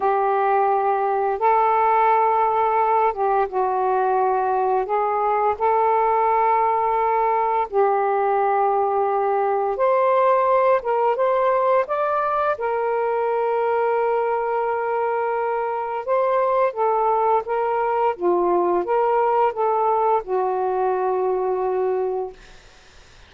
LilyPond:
\new Staff \with { instrumentName = "saxophone" } { \time 4/4 \tempo 4 = 86 g'2 a'2~ | a'8 g'8 fis'2 gis'4 | a'2. g'4~ | g'2 c''4. ais'8 |
c''4 d''4 ais'2~ | ais'2. c''4 | a'4 ais'4 f'4 ais'4 | a'4 fis'2. | }